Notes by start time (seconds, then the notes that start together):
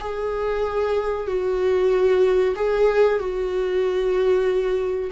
0.00 G#4
1.27 F#4
2.56 G#4
3.19 F#4